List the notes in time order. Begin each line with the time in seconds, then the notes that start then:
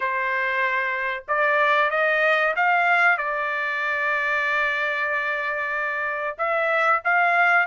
0.00 C5
1.28 D5
1.90 D#5
2.56 F5
3.17 D5
6.38 E5
7.04 F5